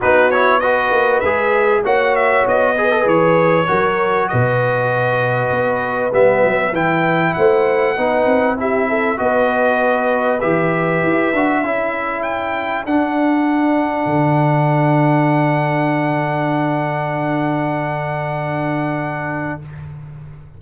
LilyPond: <<
  \new Staff \with { instrumentName = "trumpet" } { \time 4/4 \tempo 4 = 98 b'8 cis''8 dis''4 e''4 fis''8 e''8 | dis''4 cis''2 dis''4~ | dis''2 e''4 g''4 | fis''2 e''4 dis''4~ |
dis''4 e''2. | g''4 fis''2.~ | fis''1~ | fis''1 | }
  \new Staff \with { instrumentName = "horn" } { \time 4/4 fis'4 b'2 cis''4~ | cis''8 b'4. ais'4 b'4~ | b'1 | c''4 b'4 g'8 a'8 b'4~ |
b'2. a'4~ | a'1~ | a'1~ | a'1 | }
  \new Staff \with { instrumentName = "trombone" } { \time 4/4 dis'8 e'8 fis'4 gis'4 fis'4~ | fis'8 gis'16 a'16 gis'4 fis'2~ | fis'2 b4 e'4~ | e'4 dis'4 e'4 fis'4~ |
fis'4 g'4. fis'8 e'4~ | e'4 d'2.~ | d'1~ | d'1 | }
  \new Staff \with { instrumentName = "tuba" } { \time 4/4 b4. ais8 gis4 ais4 | b4 e4 fis4 b,4~ | b,4 b4 g8 fis8 e4 | a4 b8 c'4. b4~ |
b4 e4 e'8 d'8 cis'4~ | cis'4 d'2 d4~ | d1~ | d1 | }
>>